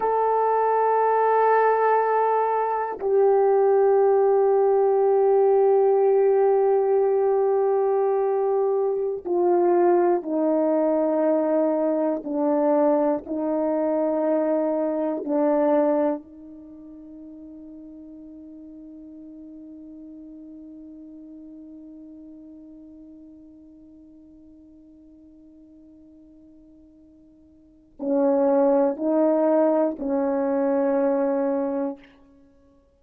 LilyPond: \new Staff \with { instrumentName = "horn" } { \time 4/4 \tempo 4 = 60 a'2. g'4~ | g'1~ | g'4~ g'16 f'4 dis'4.~ dis'16~ | dis'16 d'4 dis'2 d'8.~ |
d'16 dis'2.~ dis'8.~ | dis'1~ | dis'1 | cis'4 dis'4 cis'2 | }